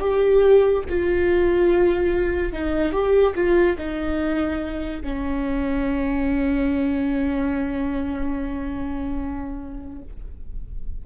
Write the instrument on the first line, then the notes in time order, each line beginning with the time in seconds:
viola
0.00 G4
0.89 F4
2.53 D#4
2.92 G4
3.35 F4
3.78 D#4
5.02 C#4